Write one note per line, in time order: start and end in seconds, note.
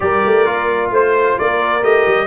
0.00 0.24 G3
0.00 0.45 G4
0.00 0.92 A#4
0.00 0.91 D5
0.25 0.46 A3
0.45 0.90 A#3
0.45 1.82 F4
0.90 1.36 A3
0.90 1.38 C5
1.38 1.83 A#3
1.38 2.27 A#4
1.38 1.83 D5
1.82 2.05 A3
1.82 2.27 G4
1.82 2.27 D#5
2.07 2.27 G3